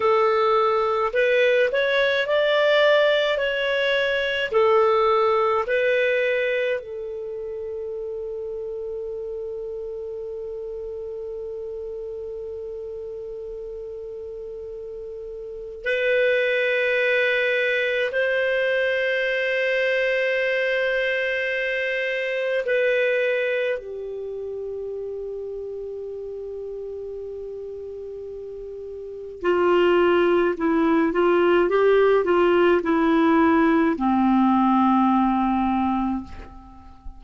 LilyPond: \new Staff \with { instrumentName = "clarinet" } { \time 4/4 \tempo 4 = 53 a'4 b'8 cis''8 d''4 cis''4 | a'4 b'4 a'2~ | a'1~ | a'2 b'2 |
c''1 | b'4 g'2.~ | g'2 f'4 e'8 f'8 | g'8 f'8 e'4 c'2 | }